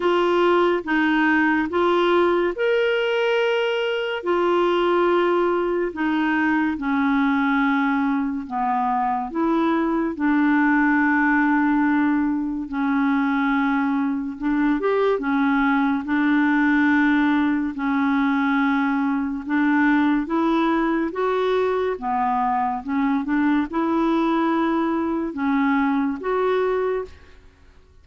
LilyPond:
\new Staff \with { instrumentName = "clarinet" } { \time 4/4 \tempo 4 = 71 f'4 dis'4 f'4 ais'4~ | ais'4 f'2 dis'4 | cis'2 b4 e'4 | d'2. cis'4~ |
cis'4 d'8 g'8 cis'4 d'4~ | d'4 cis'2 d'4 | e'4 fis'4 b4 cis'8 d'8 | e'2 cis'4 fis'4 | }